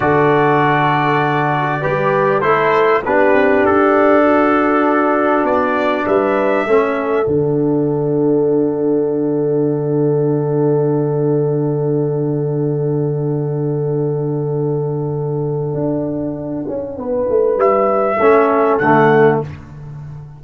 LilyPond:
<<
  \new Staff \with { instrumentName = "trumpet" } { \time 4/4 \tempo 4 = 99 d''1 | c''4 b'4 a'2~ | a'4 d''4 e''2 | fis''1~ |
fis''1~ | fis''1~ | fis''1~ | fis''4 e''2 fis''4 | }
  \new Staff \with { instrumentName = "horn" } { \time 4/4 a'2. b'4 | a'4 g'2 fis'4~ | fis'2 b'4 a'4~ | a'1~ |
a'1~ | a'1~ | a'1 | b'2 a'2 | }
  \new Staff \with { instrumentName = "trombone" } { \time 4/4 fis'2. g'4 | e'4 d'2.~ | d'2. cis'4 | d'1~ |
d'1~ | d'1~ | d'1~ | d'2 cis'4 a4 | }
  \new Staff \with { instrumentName = "tuba" } { \time 4/4 d2. g4 | a4 b8 c'8 d'2~ | d'4 b4 g4 a4 | d1~ |
d1~ | d1~ | d2 d'4. cis'8 | b8 a8 g4 a4 d4 | }
>>